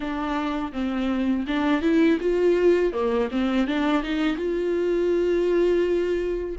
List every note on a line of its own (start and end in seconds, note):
0.00 0.72 D4
0.72 1.45 C4
1.47 1.81 D4
1.81 2.18 E4
2.20 2.92 F4
2.92 3.29 A#3
3.31 3.67 C4
3.67 4.02 D4
4.02 4.36 D#4
4.36 6.56 F4